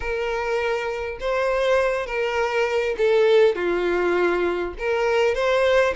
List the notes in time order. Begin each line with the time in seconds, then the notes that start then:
0.00 A#4
1.20 C5
2.06 A#4
2.97 A4
3.55 F4
4.78 A#4
5.34 C5